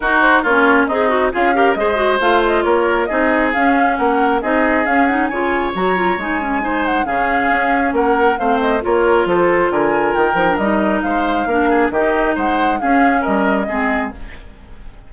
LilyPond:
<<
  \new Staff \with { instrumentName = "flute" } { \time 4/4 \tempo 4 = 136 ais'8 c''8 cis''4 dis''4 f''4 | dis''4 f''8 dis''8 cis''4 dis''4 | f''4 fis''4 dis''4 f''8 fis''8 | gis''4 ais''4 gis''4. fis''8 |
f''2 fis''4 f''8 dis''8 | cis''4 c''4 gis''4 g''4 | dis''4 f''2 dis''4 | fis''4 f''4 dis''2 | }
  \new Staff \with { instrumentName = "oboe" } { \time 4/4 fis'4 f'4 dis'4 gis'8 ais'8 | c''2 ais'4 gis'4~ | gis'4 ais'4 gis'2 | cis''2. c''4 |
gis'2 ais'4 c''4 | ais'4 a'4 ais'2~ | ais'4 c''4 ais'8 gis'8 g'4 | c''4 gis'4 ais'4 gis'4 | }
  \new Staff \with { instrumentName = "clarinet" } { \time 4/4 dis'4 cis'4 gis'8 fis'8 f'8 g'8 | gis'8 fis'8 f'2 dis'4 | cis'2 dis'4 cis'8 dis'8 | f'4 fis'8 f'8 dis'8 cis'8 dis'4 |
cis'2. c'4 | f'2.~ f'8 dis'16 d'16 | dis'2 d'4 dis'4~ | dis'4 cis'2 c'4 | }
  \new Staff \with { instrumentName = "bassoon" } { \time 4/4 dis'4 ais4 c'4 cis'4 | gis4 a4 ais4 c'4 | cis'4 ais4 c'4 cis'4 | cis4 fis4 gis2 |
cis4 cis'4 ais4 a4 | ais4 f4 d4 dis8 f8 | g4 gis4 ais4 dis4 | gis4 cis'4 g4 gis4 | }
>>